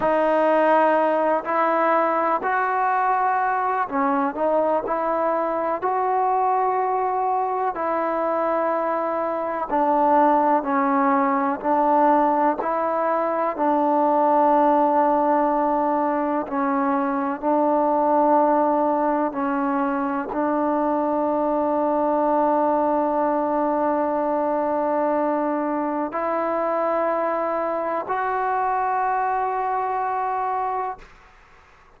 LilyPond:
\new Staff \with { instrumentName = "trombone" } { \time 4/4 \tempo 4 = 62 dis'4. e'4 fis'4. | cis'8 dis'8 e'4 fis'2 | e'2 d'4 cis'4 | d'4 e'4 d'2~ |
d'4 cis'4 d'2 | cis'4 d'2.~ | d'2. e'4~ | e'4 fis'2. | }